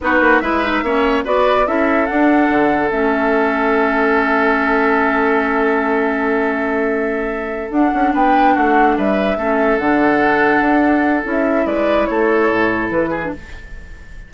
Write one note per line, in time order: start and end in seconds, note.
0.00 0.20 B3
0.00 0.43 D#4
0.00 0.42 F#4
0.00 0.39 B4
0.20 0.41 A#3
0.39 0.82 G#3
0.39 0.63 E4
0.39 0.83 B4
0.39 1.23 E5
0.63 0.84 D#4
0.82 1.24 A#3
0.82 1.24 C#4
0.82 1.24 C#5
1.24 1.67 B3
1.24 1.65 F#4
1.24 1.66 B4
1.24 1.67 D5
1.65 2.09 C#4
1.65 2.07 E4
1.65 8.13 A4
1.65 2.06 E5
2.06 2.89 D4
2.06 2.49 D4
2.06 2.89 F#5
2.49 2.90 D3
2.89 7.69 A3
2.89 7.69 C#4
2.89 7.69 E5
7.69 7.90 D4
7.69 9.38 D4
7.69 8.13 F#5
7.93 8.14 C#4
8.13 8.55 B3
8.13 8.54 B4
8.13 8.55 G5
8.54 8.97 A3
8.54 8.95 F#4
8.54 8.97 F#5
8.97 9.36 G3
8.97 9.37 B4
8.97 9.78 E5
9.36 9.78 A3
9.36 9.80 C#4
9.36 11.66 A4
9.78 10.60 D3
9.78 11.23 D4
9.78 11.24 F#5
10.60 11.23 D4
11.23 11.65 C#4
11.23 13.21 E4
11.30 11.66 E5
11.65 12.07 G#3
11.65 12.08 B4
11.65 12.05 D5
12.05 12.51 A3
12.05 13.10 A4
12.05 12.89 C#5
12.51 12.90 A2
12.90 13.32 E3
12.90 13.32 B4
13.10 13.31 G#4
13.23 13.33 D4